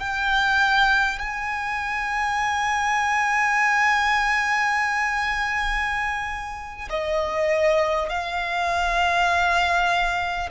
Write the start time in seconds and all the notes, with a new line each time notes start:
0.00 G5
1.19 G#5
6.90 D#5
8.09 F5